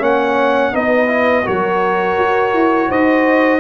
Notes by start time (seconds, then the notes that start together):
0.00 A#3 C#4 C#5 F#5
0.73 B3 D#4 B4 D#5
1.07 E4
1.45 F#3 F#4 A#4 C#5
2.19 F#4
2.54 E4
2.89 D#4 C5 D#5